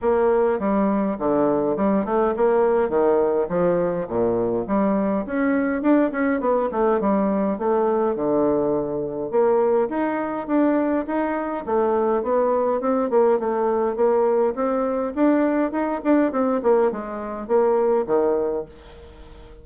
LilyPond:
\new Staff \with { instrumentName = "bassoon" } { \time 4/4 \tempo 4 = 103 ais4 g4 d4 g8 a8 | ais4 dis4 f4 ais,4 | g4 cis'4 d'8 cis'8 b8 a8 | g4 a4 d2 |
ais4 dis'4 d'4 dis'4 | a4 b4 c'8 ais8 a4 | ais4 c'4 d'4 dis'8 d'8 | c'8 ais8 gis4 ais4 dis4 | }